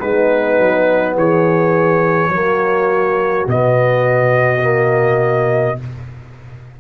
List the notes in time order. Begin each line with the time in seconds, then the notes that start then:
0.00 G#3 B3 D#4 B4
0.58 F#3
1.15 E3 G#4 C#5
2.29 F#3 A#3 F#4
3.47 B2 B3 D#5
4.61 A#3